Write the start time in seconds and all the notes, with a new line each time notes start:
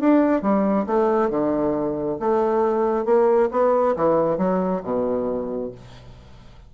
0.00 D4
0.42 G3
0.86 A3
1.30 D3
2.20 A3
3.05 A#3
3.52 B3
3.96 E3
4.38 F#3
4.83 B2